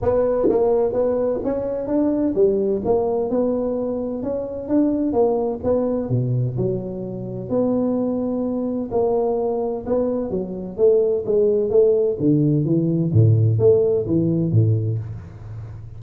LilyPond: \new Staff \with { instrumentName = "tuba" } { \time 4/4 \tempo 4 = 128 b4 ais4 b4 cis'4 | d'4 g4 ais4 b4~ | b4 cis'4 d'4 ais4 | b4 b,4 fis2 |
b2. ais4~ | ais4 b4 fis4 a4 | gis4 a4 d4 e4 | a,4 a4 e4 a,4 | }